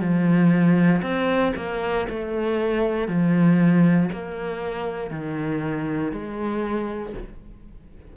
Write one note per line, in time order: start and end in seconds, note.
0.00 1.02 F3
1.02 1.53 C4
1.56 2.07 A#3
2.09 3.08 A3
3.08 4.10 F3
4.12 5.10 A#3
5.10 6.12 D#3
6.12 7.14 G#3